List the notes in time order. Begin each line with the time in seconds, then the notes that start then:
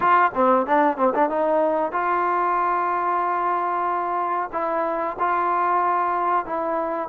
0.00 F4
0.34 C4
0.66 D4
0.97 C4
1.14 D4
1.29 D#4
1.92 F4
4.52 E4
5.19 F4
6.45 E4